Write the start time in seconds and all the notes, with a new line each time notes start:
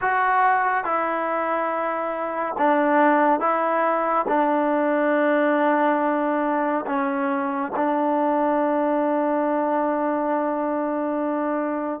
0.01 F#4
0.84 E4
2.58 D4
3.39 E4
4.27 D4
6.86 C#4
7.76 D4